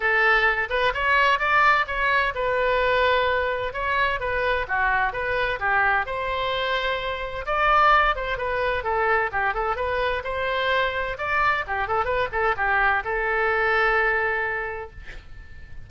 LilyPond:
\new Staff \with { instrumentName = "oboe" } { \time 4/4 \tempo 4 = 129 a'4. b'8 cis''4 d''4 | cis''4 b'2. | cis''4 b'4 fis'4 b'4 | g'4 c''2. |
d''4. c''8 b'4 a'4 | g'8 a'8 b'4 c''2 | d''4 g'8 a'8 b'8 a'8 g'4 | a'1 | }